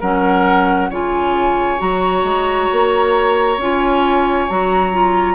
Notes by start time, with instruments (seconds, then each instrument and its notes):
0.00 bassoon F#3, clarinet C#4, oboe A#4, flute F#5
0.90 bassoon C#3, clarinet F4, oboe C#5, flute G#5
1.78 bassoon F#3, clarinet F#4, flute A#5
2.23 bassoon G#3
2.72 bassoon A#3
3.57 bassoon C#4, clarinet F4, flute G#5
4.49 bassoon F#3, clarinet F#4, flute A#5
4.93 clarinet F4